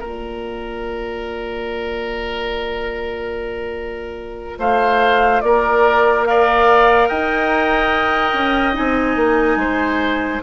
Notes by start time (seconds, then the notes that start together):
0.00 A#3 F4 A#4 D5
4.58 A3 C5 F5
5.41 A#3 A#4 D5
6.26 A#4 D5 F5
7.08 D#4 D#5 G5
8.34 C#4
8.73 C4 D#4 G#5
9.16 A#3
9.56 G#3 C5